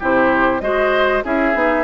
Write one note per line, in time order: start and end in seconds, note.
0.00 0.61 C3
0.00 0.62 E4
0.00 0.62 G4
0.00 0.61 C5
0.61 1.23 G#3
0.61 1.23 F#4
0.61 1.25 C5
0.61 1.23 D#5
1.25 1.55 C#4
1.25 1.54 E4
1.25 1.85 G#4
1.25 1.85 E5
1.54 1.85 B3
1.54 1.85 D#4